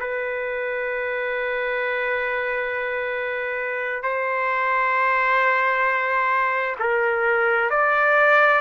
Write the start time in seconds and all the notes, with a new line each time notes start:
0.00 B4
4.03 C5
6.79 A#4
7.70 D5